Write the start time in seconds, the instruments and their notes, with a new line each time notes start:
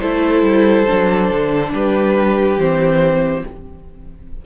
0.00 cello A3, viola E4, violin A4 C5
0.42 cello G3
0.87 cello F#3, viola D4
1.31 cello D3
1.74 cello G3, violin G4 B4
2.57 cello E3, viola C4, violin C5